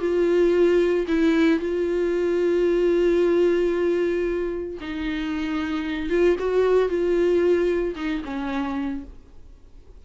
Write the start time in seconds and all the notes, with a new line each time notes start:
0.00 F4
1.08 E4
1.60 F4
4.81 D#4
6.10 F4
6.40 F#4
6.89 F4
7.95 D#4
8.25 C#4